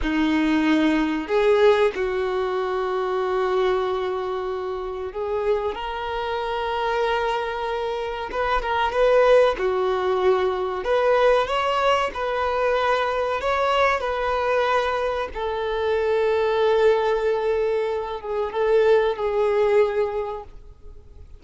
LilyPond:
\new Staff \with { instrumentName = "violin" } { \time 4/4 \tempo 4 = 94 dis'2 gis'4 fis'4~ | fis'1 | gis'4 ais'2.~ | ais'4 b'8 ais'8 b'4 fis'4~ |
fis'4 b'4 cis''4 b'4~ | b'4 cis''4 b'2 | a'1~ | a'8 gis'8 a'4 gis'2 | }